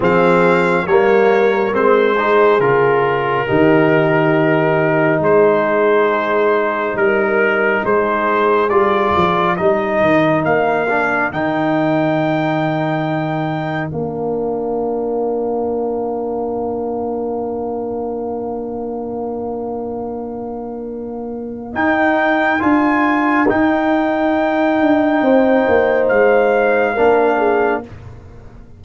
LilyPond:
<<
  \new Staff \with { instrumentName = "trumpet" } { \time 4/4 \tempo 4 = 69 f''4 cis''4 c''4 ais'4~ | ais'2 c''2 | ais'4 c''4 d''4 dis''4 | f''4 g''2. |
f''1~ | f''1~ | f''4 g''4 gis''4 g''4~ | g''2 f''2 | }
  \new Staff \with { instrumentName = "horn" } { \time 4/4 gis'4 ais'4. gis'4. | g'2 gis'2 | ais'4 gis'2 ais'4~ | ais'1~ |
ais'1~ | ais'1~ | ais'1~ | ais'4 c''2 ais'8 gis'8 | }
  \new Staff \with { instrumentName = "trombone" } { \time 4/4 c'4 ais4 c'8 dis'8 f'4 | dis'1~ | dis'2 f'4 dis'4~ | dis'8 d'8 dis'2. |
d'1~ | d'1~ | d'4 dis'4 f'4 dis'4~ | dis'2. d'4 | }
  \new Staff \with { instrumentName = "tuba" } { \time 4/4 f4 g4 gis4 cis4 | dis2 gis2 | g4 gis4 g8 f8 g8 dis8 | ais4 dis2. |
ais1~ | ais1~ | ais4 dis'4 d'4 dis'4~ | dis'8 d'8 c'8 ais8 gis4 ais4 | }
>>